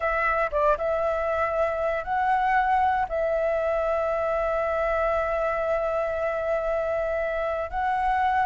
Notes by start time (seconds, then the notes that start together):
0.00 E5
0.51 D5
0.77 E5
2.03 F#5
3.08 E5
7.70 F#5